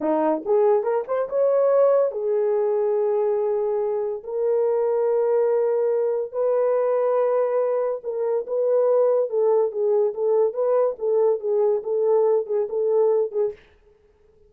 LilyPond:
\new Staff \with { instrumentName = "horn" } { \time 4/4 \tempo 4 = 142 dis'4 gis'4 ais'8 c''8 cis''4~ | cis''4 gis'2.~ | gis'2 ais'2~ | ais'2. b'4~ |
b'2. ais'4 | b'2 a'4 gis'4 | a'4 b'4 a'4 gis'4 | a'4. gis'8 a'4. gis'8 | }